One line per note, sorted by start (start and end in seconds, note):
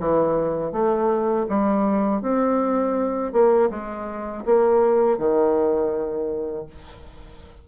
0.00 0.72 E3
0.72 1.46 A3
1.49 2.22 G3
2.22 3.33 C4
3.33 3.70 A#3
3.71 4.45 G#3
4.45 5.18 A#3
5.18 6.66 D#3